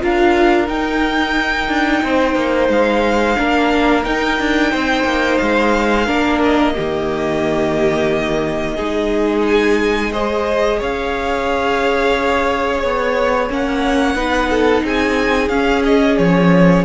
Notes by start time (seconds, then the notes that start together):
0.00 D4 F4 A#4 F5
0.67 D#4 G5
1.68 D4
2.03 C4 C5
2.35 A#3
2.68 G#3 F5
3.37 A#3 D4 A#4
4.03 D#4 G5
4.39 D4
4.71 C4 C5
5.04 A#3
5.38 G#3 F5
6.06 A#3 D4 A#4
6.44 D#5
6.74 D#3 A#3 G4
8.76 G#3 D#4 G#4
9.46 G#5
10.12 G#4 C5 D#5
10.79 C#4 C#5 F5
12.78 B3 C#5
13.49 A#3 C#4 F#5
14.15 B3 D#4 B4
14.50 A4
14.84 C4 G#4 G#5
15.49 C#4 F5
15.84 D#5
16.17 F3 C#5